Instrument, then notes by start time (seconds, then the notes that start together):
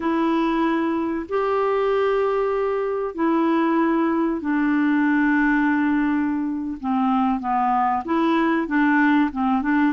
clarinet
0.00 E4
1.28 G4
3.14 E4
4.40 D4
6.80 C4
7.40 B3
8.04 E4
8.67 D4
9.31 C4
9.61 D4